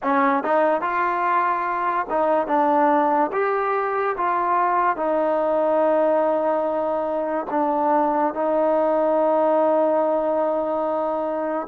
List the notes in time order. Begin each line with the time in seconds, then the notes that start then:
0.02 C#4
0.43 D#4
0.81 F4
2.09 D#4
2.47 D4
3.32 G4
4.17 F4
4.96 D#4
7.50 D4
8.33 D#4